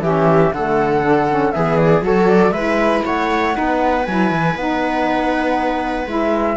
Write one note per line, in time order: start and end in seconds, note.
0.00 0.50 E3
0.00 0.53 C#4
0.00 0.53 G4
0.00 0.53 E5
0.53 1.54 D3
0.53 1.02 A3
0.53 1.55 A4
0.53 1.51 F#5
1.02 1.27 D4
1.29 1.54 C#4
1.51 2.01 E3
1.51 2.02 B3
1.51 2.05 G#4
1.51 1.77 E5
1.77 2.02 D5
2.01 2.51 F#3
2.01 2.52 F#4
2.01 2.54 A4
2.01 2.28 C#5
2.28 2.52 D5
2.51 3.01 G#3
2.51 3.53 E4
2.51 3.04 B4
2.51 3.02 E5
3.05 3.56 A3
3.05 3.56 C#5
3.05 4.06 F#5
3.53 4.07 B3
3.53 4.04 D#4
3.53 6.56 B4
4.06 4.31 F#3
4.06 4.58 E4
4.06 4.56 G#5
4.31 4.55 E3
4.55 6.06 B3
4.55 6.07 D#4
4.55 6.08 F#5
6.06 6.56 G#3
6.06 6.56 E4
6.06 6.56 E5